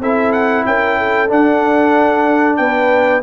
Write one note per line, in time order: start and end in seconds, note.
0.00 0.65 C4
0.00 1.28 E4
0.00 0.66 A4
0.00 0.32 E5
0.32 0.65 F#5
0.65 1.30 C#4
0.65 0.99 A#4
0.65 1.30 G5
0.99 2.59 A4
1.28 3.22 D4
1.28 2.59 D4
1.28 2.57 F#5
2.57 3.23 B3
2.57 3.23 B4
2.57 3.21 G5